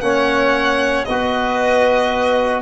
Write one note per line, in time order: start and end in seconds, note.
0.00 1.04 A#3
0.00 1.06 C#4
0.00 1.08 C#5
0.00 1.04 F#5
1.04 2.61 B3
1.04 2.61 F#4
1.04 2.61 B4
1.04 2.61 D#5